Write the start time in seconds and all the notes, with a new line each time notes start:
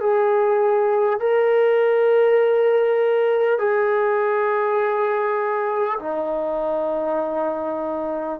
0.00 G#4
1.20 A#4
3.59 G#4
5.99 D#4